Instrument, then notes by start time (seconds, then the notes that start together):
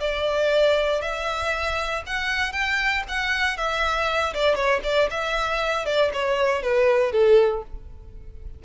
violin
0.00 D5
1.01 E5
2.06 F#5
2.52 G5
3.08 F#5
3.57 E5
4.34 D5
4.55 C#5
4.84 D5
5.10 E5
5.86 D5
6.13 C#5
6.62 B4
7.12 A4